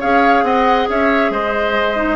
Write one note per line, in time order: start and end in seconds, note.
0.00 0.43 C#4
0.00 1.95 G#4
0.00 0.44 C#5
0.00 0.44 F5
0.43 0.86 C4
0.43 0.89 D#5
0.43 0.88 F#5
0.89 1.30 C#4
0.89 1.32 C#5
0.89 1.32 E5
1.30 2.16 G#3
1.30 2.16 C5
1.30 2.16 D#5
1.95 2.16 D#4